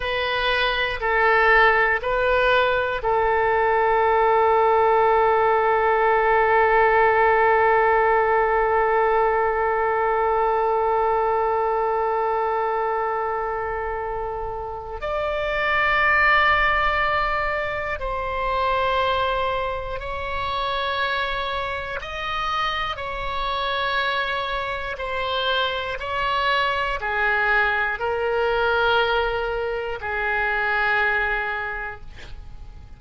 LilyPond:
\new Staff \with { instrumentName = "oboe" } { \time 4/4 \tempo 4 = 60 b'4 a'4 b'4 a'4~ | a'1~ | a'1~ | a'2. d''4~ |
d''2 c''2 | cis''2 dis''4 cis''4~ | cis''4 c''4 cis''4 gis'4 | ais'2 gis'2 | }